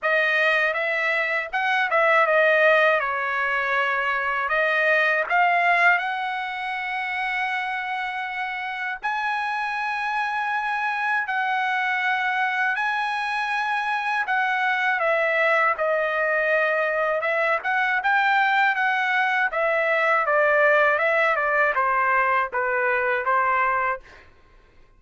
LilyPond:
\new Staff \with { instrumentName = "trumpet" } { \time 4/4 \tempo 4 = 80 dis''4 e''4 fis''8 e''8 dis''4 | cis''2 dis''4 f''4 | fis''1 | gis''2. fis''4~ |
fis''4 gis''2 fis''4 | e''4 dis''2 e''8 fis''8 | g''4 fis''4 e''4 d''4 | e''8 d''8 c''4 b'4 c''4 | }